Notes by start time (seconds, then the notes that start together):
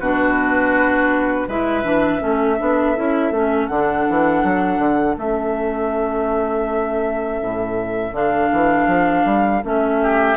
0.00 B2 D4 F#4 B4
1.48 G#3 E4 B4 E5
1.83 E3 D4
2.20 A3 C#4 A4
2.59 B3 D4
2.96 C#4 E4
3.31 A3 C#4
3.67 D3 D4 F#5
4.10 E3
4.44 F#3
4.79 D3
5.18 A3 C#4 E5
7.43 A2
8.12 D3 D4 F5
8.53 E3
8.88 F3
9.26 G3
9.64 A3 C#4 E5
10.03 G4